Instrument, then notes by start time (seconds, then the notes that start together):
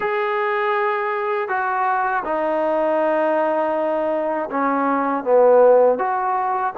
trombone
0.00 G#4
1.48 F#4
2.24 D#4
4.50 C#4
5.24 B3
5.98 F#4